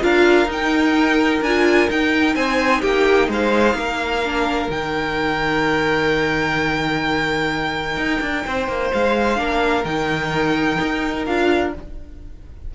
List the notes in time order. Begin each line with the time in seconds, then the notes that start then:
0.00 D4 F4 A#4 F5
0.46 D#4 G5
1.41 D4 F4 G#5
1.89 D#4 G5
2.35 C4 C5 G#5
2.81 A#3 G4 G5
3.28 G#3 C5 F5
3.74 A#3 A#4
4.24 D4
4.69 D#3 D#4 G5
7.97 D#4
8.21 D4
8.46 C4 C5
8.68 A#3
8.93 G#3 F5
9.36 A#3 D4 A#4
9.84 D#3 D#4 G5
10.82 D#4
11.26 D4 F4 F5